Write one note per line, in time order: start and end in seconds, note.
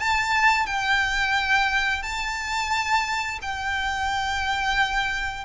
0.00 0.67 A5
0.67 2.03 G5
2.03 3.39 A5
3.42 5.45 G5